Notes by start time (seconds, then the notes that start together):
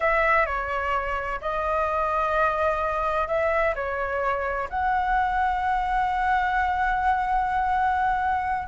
0.00 E5
0.46 C#5
1.41 D#5
3.27 E5
3.75 C#5
4.69 F#5